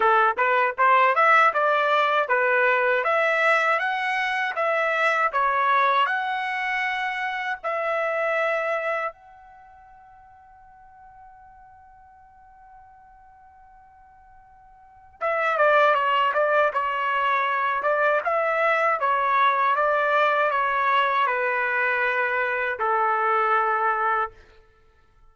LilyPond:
\new Staff \with { instrumentName = "trumpet" } { \time 4/4 \tempo 4 = 79 a'8 b'8 c''8 e''8 d''4 b'4 | e''4 fis''4 e''4 cis''4 | fis''2 e''2 | fis''1~ |
fis''1 | e''8 d''8 cis''8 d''8 cis''4. d''8 | e''4 cis''4 d''4 cis''4 | b'2 a'2 | }